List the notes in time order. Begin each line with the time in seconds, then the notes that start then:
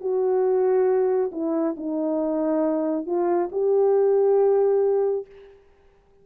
0.00 F#4
1.32 E4
1.77 D#4
3.06 F4
3.52 G4